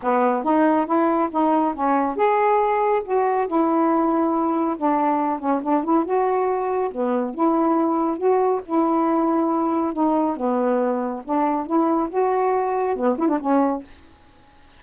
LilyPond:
\new Staff \with { instrumentName = "saxophone" } { \time 4/4 \tempo 4 = 139 b4 dis'4 e'4 dis'4 | cis'4 gis'2 fis'4 | e'2. d'4~ | d'8 cis'8 d'8 e'8 fis'2 |
b4 e'2 fis'4 | e'2. dis'4 | b2 d'4 e'4 | fis'2 b8 e'16 d'16 cis'4 | }